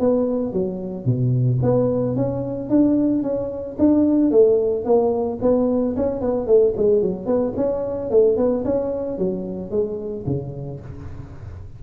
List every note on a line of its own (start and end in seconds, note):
0.00 0.53 B3
0.53 1.06 F#3
1.06 1.60 B2
1.63 2.16 B3
2.16 2.70 C#4
2.70 3.23 D4
3.23 3.77 C#4
3.79 4.31 D4
4.31 4.85 A3
4.85 5.39 A#3
5.42 5.96 B3
5.97 6.21 C#4
6.21 6.47 B3
6.47 6.74 A3
6.77 7.02 G#3
7.02 7.27 F#3
7.27 7.54 B3
7.57 8.11 C#4
8.11 8.37 A3
8.37 8.64 B3
8.65 9.18 C#4
9.18 9.71 F#3
9.71 10.25 G#3
10.27 10.81 C#3